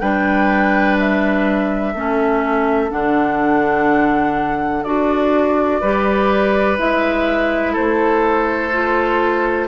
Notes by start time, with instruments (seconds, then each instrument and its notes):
0.00 bassoon G3, clarinet D4, oboe B4, flute G5
0.99 flute E5
1.94 bassoon A3, clarinet C#4, oboe A4
2.90 bassoon D3, clarinet D4, flute F#5
4.84 bassoon D4, clarinet F#4, flute D5
5.81 bassoon G3, clarinet G4, oboe B4
6.78 bassoon G#3, clarinet E4, flute E5
7.73 bassoon A3, oboe A4, flute C5
8.72 clarinet F4